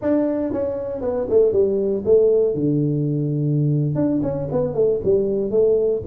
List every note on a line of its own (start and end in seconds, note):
0.01 0.52 D4
0.52 1.01 C#4
1.01 1.27 B3
1.29 1.52 A3
1.52 2.03 G3
2.05 2.54 A3
2.54 3.95 D3
3.95 4.21 D4
4.22 4.48 C#4
4.51 4.74 B3
4.74 5.00 A3
5.04 5.51 G3
5.51 6.02 A3